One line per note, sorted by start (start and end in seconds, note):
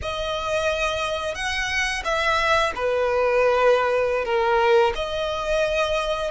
0.02 1.35 D#5
1.35 2.03 F#5
2.04 2.72 E5
2.75 4.25 B4
4.25 4.93 A#4
4.95 6.31 D#5